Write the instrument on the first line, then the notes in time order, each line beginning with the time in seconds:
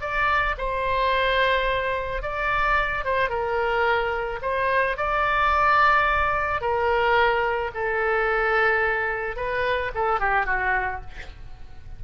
oboe
0.00 D5
0.57 C5
2.22 D5
3.04 C5
3.29 A#4
4.42 C5
4.96 D5
6.61 A#4
7.74 A4
9.36 B4
9.94 A4
10.19 G4
10.45 F#4